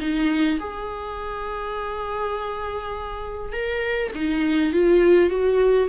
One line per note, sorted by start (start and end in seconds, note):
0.00 0.59 D#4
0.60 3.53 G#4
3.53 4.11 A#4
4.15 4.73 D#4
4.73 5.30 F4
5.30 5.89 F#4